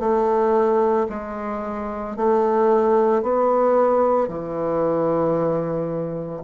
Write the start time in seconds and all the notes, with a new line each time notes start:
0.00 A3
1.09 G#3
2.17 A3
3.23 B3
4.28 E3